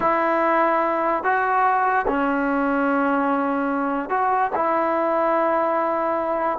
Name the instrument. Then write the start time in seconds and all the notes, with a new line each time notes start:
trombone
0.00 E4
1.23 F#4
2.07 C#4
4.09 F#4
4.55 E4